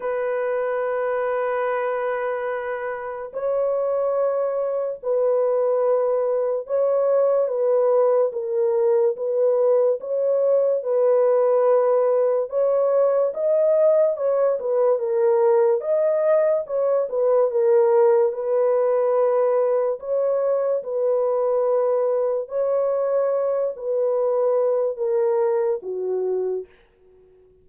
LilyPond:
\new Staff \with { instrumentName = "horn" } { \time 4/4 \tempo 4 = 72 b'1 | cis''2 b'2 | cis''4 b'4 ais'4 b'4 | cis''4 b'2 cis''4 |
dis''4 cis''8 b'8 ais'4 dis''4 | cis''8 b'8 ais'4 b'2 | cis''4 b'2 cis''4~ | cis''8 b'4. ais'4 fis'4 | }